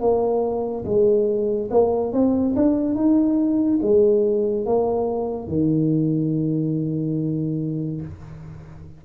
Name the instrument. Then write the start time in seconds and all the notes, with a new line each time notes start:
tuba
0.00 A#3
0.85 G#3
1.70 A#3
2.12 C4
2.55 D4
2.94 D#4
3.82 G#3
4.65 A#3
5.47 D#3